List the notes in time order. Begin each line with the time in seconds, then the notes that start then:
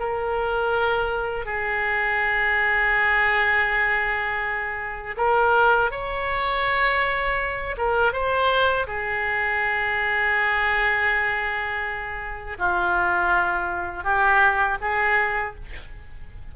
0.00 A#4
1.46 G#4
5.18 A#4
5.91 C#5
7.78 A#4
8.13 C5
8.88 G#4
12.59 F4
14.04 G4
14.81 G#4